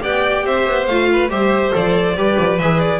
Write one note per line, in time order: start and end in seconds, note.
0.00 0.44 B3
0.00 0.86 G4
0.00 0.45 D5
0.00 0.46 G5
0.44 0.66 C4
0.44 1.10 C5
0.44 0.86 E5
0.66 0.87 B3
0.86 1.29 A3
0.86 1.29 F4
0.86 1.29 F5
1.12 1.31 B4
1.29 1.72 G3
1.29 1.72 G4
1.29 2.17 C5
1.29 1.74 E5
1.72 2.15 F3
1.72 2.15 A4
1.72 2.59 D5
2.15 2.37 G3
2.15 2.60 G4
2.15 3.00 B4
2.38 2.59 F3
2.59 3.00 E3
2.59 3.00 G#4
2.59 2.80 E5
2.80 3.00 D5